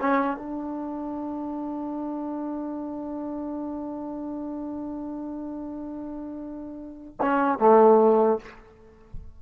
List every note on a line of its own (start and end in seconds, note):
0.00 0.37 C#4
0.37 7.17 D4
7.21 7.58 C#4
7.58 8.38 A3